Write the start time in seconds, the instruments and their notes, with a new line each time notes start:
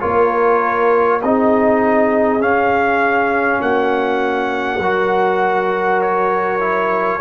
0.00 tuba A#3, trombone F4, horn A#4, trumpet C#5
1.22 tuba C4, trombone D#4, horn G#4, trumpet D#5
2.39 tuba C#4, trombone C#4, trumpet F5
3.61 tuba A#3, horn F#4, trumpet F#5
4.79 tuba F#3, trombone F#4, horn A#4
6.02 trumpet C#5
6.60 trombone E4